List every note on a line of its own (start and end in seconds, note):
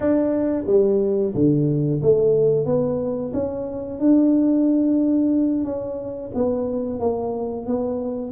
0.00 0.64 D4
0.66 1.33 G3
1.34 2.01 D3
2.02 2.65 A3
2.65 3.32 B3
3.33 3.99 C#4
3.99 5.64 D4
5.64 6.31 C#4
6.34 6.99 B3
6.99 7.66 A#3
7.66 8.31 B3